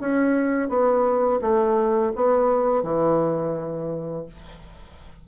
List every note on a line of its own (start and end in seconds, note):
0.00 0.69 C#4
0.69 1.40 B3
1.41 2.13 A3
2.15 2.83 B3
2.83 4.26 E3